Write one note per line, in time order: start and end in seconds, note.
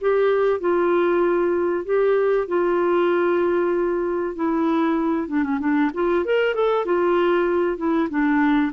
0.00 0.60 G4
0.60 1.85 F4
1.85 2.47 G4
2.47 4.35 F4
4.35 5.27 E4
5.27 5.43 D4
5.43 5.59 C#4
5.59 5.91 D4
5.93 6.25 F4
6.25 6.54 A#4
6.54 6.85 A4
6.85 7.77 F4
7.77 8.08 E4
8.09 8.72 D4